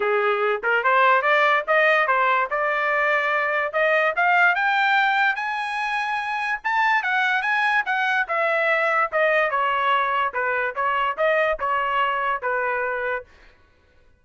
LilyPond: \new Staff \with { instrumentName = "trumpet" } { \time 4/4 \tempo 4 = 145 gis'4. ais'8 c''4 d''4 | dis''4 c''4 d''2~ | d''4 dis''4 f''4 g''4~ | g''4 gis''2. |
a''4 fis''4 gis''4 fis''4 | e''2 dis''4 cis''4~ | cis''4 b'4 cis''4 dis''4 | cis''2 b'2 | }